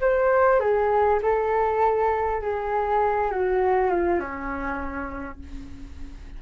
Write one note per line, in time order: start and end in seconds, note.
0.00 0.59 C5
0.59 1.19 G#4
1.22 2.41 A4
2.41 3.31 G#4
3.31 3.90 F#4
3.90 4.19 F4
4.19 5.39 C#4